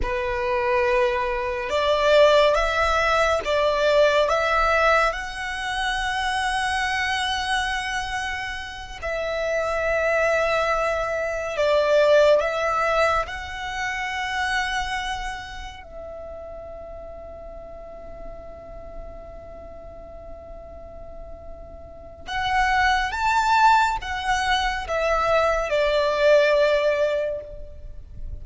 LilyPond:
\new Staff \with { instrumentName = "violin" } { \time 4/4 \tempo 4 = 70 b'2 d''4 e''4 | d''4 e''4 fis''2~ | fis''2~ fis''8 e''4.~ | e''4. d''4 e''4 fis''8~ |
fis''2~ fis''8 e''4.~ | e''1~ | e''2 fis''4 a''4 | fis''4 e''4 d''2 | }